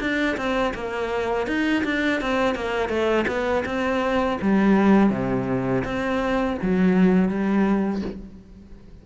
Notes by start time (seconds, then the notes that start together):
0.00 D4
0.37 C4
0.74 A#3
1.47 D#4
1.84 D4
2.21 C4
2.55 A#3
2.89 A3
3.27 B3
3.66 C4
4.41 G3
5.11 C3
5.84 C4
6.62 F#3
7.29 G3